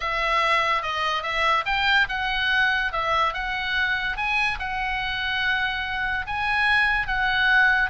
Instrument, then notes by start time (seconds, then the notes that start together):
oboe
0.00 E5
0.82 D#5
1.22 E5
1.65 G5
2.09 F#5
2.92 E5
3.33 F#5
4.16 G#5
4.59 F#5
6.26 G#5
7.07 F#5